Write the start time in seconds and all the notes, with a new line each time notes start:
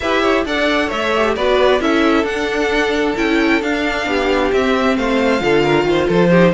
0.00 E4 G4 B4 E5
0.22 C#5
0.45 D4 A4 D5 F#5
0.87 A3 C#5 E5
1.15 G4
1.36 B3 F#4 B4 D5
1.80 C#4 E4 A4 E5
2.23 D4 F#5
3.16 C#4 E4 G5
3.61 D4 F5
4.06 B3 G4
4.52 C4 E5
4.96 A3 C5 F5
5.39 D3 F4 A4
5.63 A#4
5.84 D#3 C5
6.07 F3 A4 C5
6.30 D#4 G4